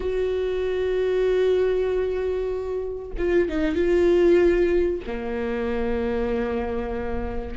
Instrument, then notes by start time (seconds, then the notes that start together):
viola
0.00 F#4
3.18 F4
3.49 D#4
3.75 F4
5.06 A#3